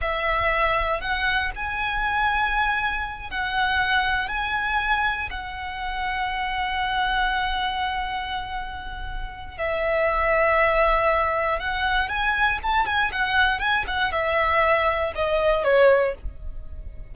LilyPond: \new Staff \with { instrumentName = "violin" } { \time 4/4 \tempo 4 = 119 e''2 fis''4 gis''4~ | gis''2~ gis''8 fis''4.~ | fis''8 gis''2 fis''4.~ | fis''1~ |
fis''2. e''4~ | e''2. fis''4 | gis''4 a''8 gis''8 fis''4 gis''8 fis''8 | e''2 dis''4 cis''4 | }